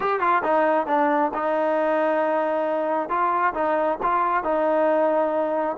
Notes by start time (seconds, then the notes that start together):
0.00 G4
0.20 F4
0.43 D#4
0.87 D4
1.33 D#4
3.09 F4
3.54 D#4
4.02 F4
4.43 D#4